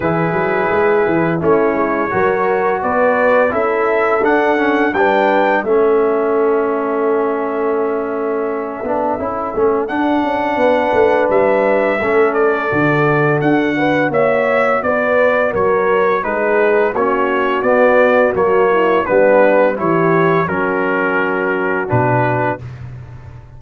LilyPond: <<
  \new Staff \with { instrumentName = "trumpet" } { \time 4/4 \tempo 4 = 85 b'2 cis''2 | d''4 e''4 fis''4 g''4 | e''1~ | e''2 fis''2 |
e''4. d''4. fis''4 | e''4 d''4 cis''4 b'4 | cis''4 d''4 cis''4 b'4 | cis''4 ais'2 b'4 | }
  \new Staff \with { instrumentName = "horn" } { \time 4/4 gis'2 e'4 ais'4 | b'4 a'2 b'4 | a'1~ | a'2. b'4~ |
b'4 a'2~ a'8 b'8 | cis''4 b'4 ais'4 gis'4 | fis'2~ fis'8 e'8 d'4 | g'4 fis'2. | }
  \new Staff \with { instrumentName = "trombone" } { \time 4/4 e'2 cis'4 fis'4~ | fis'4 e'4 d'8 cis'8 d'4 | cis'1~ | cis'8 d'8 e'8 cis'8 d'2~ |
d'4 cis'4 fis'2~ | fis'2. dis'4 | cis'4 b4 ais4 b4 | e'4 cis'2 d'4 | }
  \new Staff \with { instrumentName = "tuba" } { \time 4/4 e8 fis8 gis8 e8 a8 gis8 fis4 | b4 cis'4 d'4 g4 | a1~ | a8 b8 cis'8 a8 d'8 cis'8 b8 a8 |
g4 a4 d4 d'4 | ais4 b4 fis4 gis4 | ais4 b4 fis4 g4 | e4 fis2 b,4 | }
>>